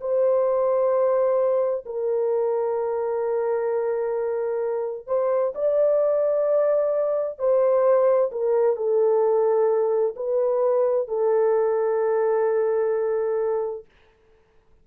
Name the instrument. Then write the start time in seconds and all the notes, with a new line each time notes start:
horn
0.00 C5
1.86 A#4
5.07 C5
5.55 D5
7.38 C5
8.32 A#4
8.77 A4
10.16 B4
11.08 A4